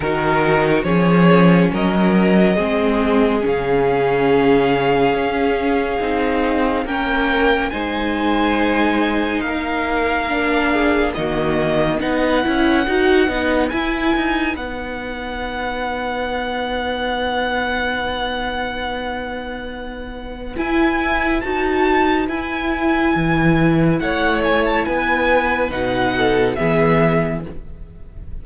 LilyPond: <<
  \new Staff \with { instrumentName = "violin" } { \time 4/4 \tempo 4 = 70 ais'4 cis''4 dis''2 | f''1 | g''4 gis''2 f''4~ | f''4 dis''4 fis''2 |
gis''4 fis''2.~ | fis''1 | gis''4 a''4 gis''2 | fis''8 gis''16 a''16 gis''4 fis''4 e''4 | }
  \new Staff \with { instrumentName = "violin" } { \time 4/4 fis'4 gis'4 ais'4 gis'4~ | gis'1 | ais'4 c''2 ais'4~ | ais'8 gis'8 fis'4 b'2~ |
b'1~ | b'1~ | b'1 | cis''4 b'4. a'8 gis'4 | }
  \new Staff \with { instrumentName = "viola" } { \time 4/4 dis'4 cis'2 c'4 | cis'2. dis'4 | cis'4 dis'2. | d'4 ais4 dis'8 e'8 fis'8 dis'8 |
e'4 dis'2.~ | dis'1 | e'4 fis'4 e'2~ | e'2 dis'4 b4 | }
  \new Staff \with { instrumentName = "cello" } { \time 4/4 dis4 f4 fis4 gis4 | cis2 cis'4 c'4 | ais4 gis2 ais4~ | ais4 dis4 b8 cis'8 dis'8 b8 |
e'8 dis'8 b2.~ | b1 | e'4 dis'4 e'4 e4 | a4 b4 b,4 e4 | }
>>